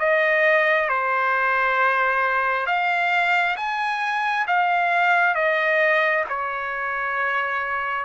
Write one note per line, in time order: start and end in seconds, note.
0.00 0.89 D#5
0.89 2.67 C5
2.67 3.56 F5
3.57 4.46 G#5
4.47 5.35 F5
5.35 6.24 D#5
6.29 8.05 C#5